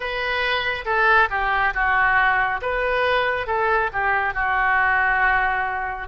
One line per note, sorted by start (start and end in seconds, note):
0.00 0.84 B4
0.85 1.28 A4
1.30 1.73 G4
1.74 2.60 F#4
2.61 3.47 B4
3.47 3.90 A4
3.92 4.34 G4
4.34 6.08 F#4